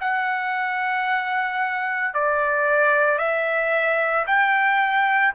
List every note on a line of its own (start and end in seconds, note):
0.00 2.14 F#5
2.14 3.19 D5
3.19 4.26 E5
4.27 5.34 G5